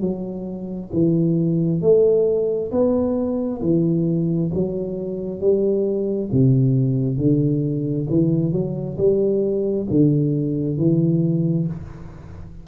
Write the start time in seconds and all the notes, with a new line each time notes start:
0.00 F#3
0.92 E3
1.81 A3
2.71 B3
3.61 E3
4.53 F#3
5.40 G3
6.31 C3
7.17 D3
8.09 E3
8.52 F#3
8.97 G3
9.90 D3
10.77 E3